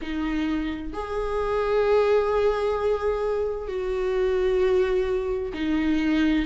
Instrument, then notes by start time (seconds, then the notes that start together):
viola
0.01 D#4
0.93 G#4
3.68 F#4
5.53 D#4